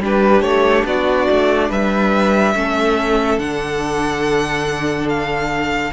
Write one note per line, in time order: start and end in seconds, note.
0.00 0.41 G3
0.00 2.54 D4
0.00 0.87 G4
0.00 0.42 B4
0.41 0.83 A3
0.41 0.84 C#5
0.85 1.27 B3
0.85 1.69 F#4
0.85 1.70 D5
1.30 1.70 A3
1.69 2.54 G3
1.69 2.54 B4
1.69 3.39 E5
2.54 3.37 A3
2.54 3.39 C#4
2.54 5.93 A4
3.37 5.91 D3
3.37 5.93 D4
3.37 5.08 F#5
5.09 5.93 F5